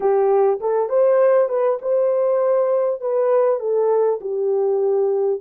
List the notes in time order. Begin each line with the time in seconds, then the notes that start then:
0.00 G4
0.60 A4
0.89 C5
1.48 B4
1.81 C5
3.00 B4
3.59 A4
4.20 G4